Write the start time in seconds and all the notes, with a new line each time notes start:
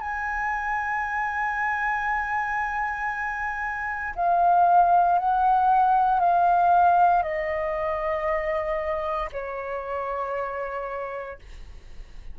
0.00 G#5
4.15 F5
5.19 F#5
6.19 F5
7.22 D#5
9.32 C#5